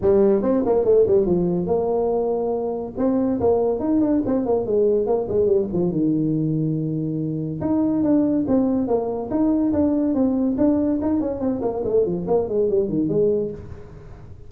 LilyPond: \new Staff \with { instrumentName = "tuba" } { \time 4/4 \tempo 4 = 142 g4 c'8 ais8 a8 g8 f4 | ais2. c'4 | ais4 dis'8 d'8 c'8 ais8 gis4 | ais8 gis8 g8 f8 dis2~ |
dis2 dis'4 d'4 | c'4 ais4 dis'4 d'4 | c'4 d'4 dis'8 cis'8 c'8 ais8 | a8 f8 ais8 gis8 g8 dis8 gis4 | }